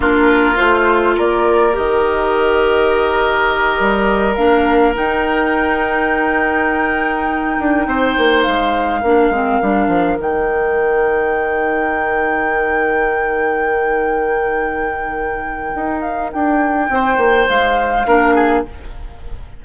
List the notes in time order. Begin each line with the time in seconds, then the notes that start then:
0.00 A#3 D4 F4 A#4
0.55 A3 F4 C5
1.17 A#3 A#4 D5
1.72 D#3 G4 D#5
3.79 G3
4.35 A#3 D4 F5
4.94 D#4 G5
7.58 D4
7.86 C4 C5
8.17 A#3
8.42 G#3 F5
9.00 A#3 D4 A#4
9.29 G#3 C4
9.62 G3 D4
9.87 F3
10.18 D#3 D#4 G5
15.74 D#4
16.01 F5
16.32 D4 G5
16.89 C4 C5
17.17 A#3
17.48 G#3 F5
18.06 A#3 D4 A#4
18.34 G#4